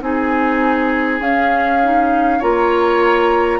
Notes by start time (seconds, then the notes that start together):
0.00 C4 D#4 G#4 G#5
1.19 C#4 F5
1.82 D#4
2.38 A#3 F4 C#5 A#5